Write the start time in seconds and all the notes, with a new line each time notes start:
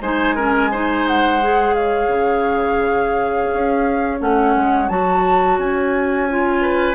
0.00 G#3 D#4 C5 G#5
0.35 C#4 A#4
0.71 D#4 C5
1.07 F#5
1.41 G#4
1.74 C#5 F5
2.08 C#3
3.53 C#4
4.19 A3 C#4 F#5
4.56 G#3
4.88 F#3 F#4 A5
5.58 C#4 G#5
6.30 F4
6.61 B4